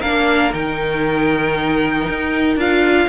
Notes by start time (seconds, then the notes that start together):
0.00 A#3 D4 A#4 F5
0.53 D#3 D#4 G5
2.09 D#4
2.57 D4 F4 F5